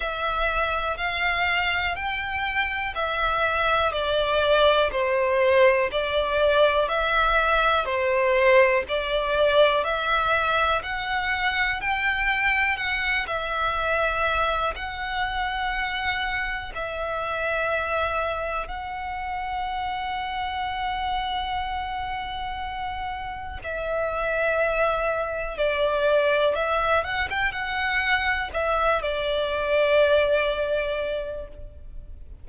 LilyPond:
\new Staff \with { instrumentName = "violin" } { \time 4/4 \tempo 4 = 61 e''4 f''4 g''4 e''4 | d''4 c''4 d''4 e''4 | c''4 d''4 e''4 fis''4 | g''4 fis''8 e''4. fis''4~ |
fis''4 e''2 fis''4~ | fis''1 | e''2 d''4 e''8 fis''16 g''16 | fis''4 e''8 d''2~ d''8 | }